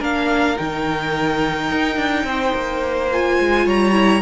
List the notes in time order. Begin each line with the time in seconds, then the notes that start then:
0.00 A#3 D4 A#4 F5
0.57 D#3 D#4 G5
1.71 D#4
1.97 D4
2.24 C4 C5
2.55 A#3
3.13 F4 G#5
3.39 G#3
3.66 G3 C#5 A#5
3.93 E4